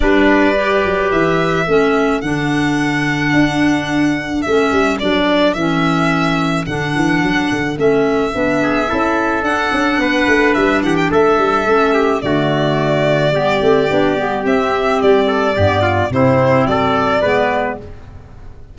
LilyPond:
<<
  \new Staff \with { instrumentName = "violin" } { \time 4/4 \tempo 4 = 108 d''2 e''2 | fis''1 | e''4 d''4 e''2 | fis''2 e''2~ |
e''4 fis''2 e''8 fis''16 g''16 | e''2 d''2~ | d''2 e''4 d''4~ | d''4 c''4 d''2 | }
  \new Staff \with { instrumentName = "trumpet" } { \time 4/4 b'2. a'4~ | a'1~ | a'1~ | a'2.~ a'8 gis'8 |
a'2 b'4. g'8 | a'4. g'8 fis'2 | g'2.~ g'8 a'8 | g'8 f'8 e'4 a'4 b'4 | }
  \new Staff \with { instrumentName = "clarinet" } { \time 4/4 d'4 g'2 cis'4 | d'1 | cis'4 d'4 cis'2 | d'2 cis'4 d'4 |
e'4 d'2.~ | d'4 cis'4 a2 | b8 c'8 d'8 b8 c'2 | b4 c'2 b4 | }
  \new Staff \with { instrumentName = "tuba" } { \time 4/4 g4. fis8 e4 a4 | d2 d'2 | a8 g8 fis4 e2 | d8 e8 fis8 d8 a4 b4 |
cis'4 d'8 cis'8 b8 a8 g8 e8 | a8 g8 a4 d2 | g8 a8 b8 g8 c'4 g4 | g,4 c4 fis4 gis4 | }
>>